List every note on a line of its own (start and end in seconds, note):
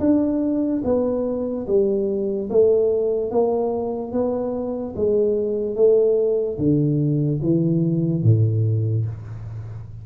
0.00 0.82 D4
0.84 1.67 B3
1.67 2.49 G3
2.50 3.31 A3
3.31 4.12 A#3
4.12 4.94 B3
4.96 5.75 G#3
5.75 6.58 A3
6.58 7.40 D3
7.42 8.23 E3
8.23 9.06 A2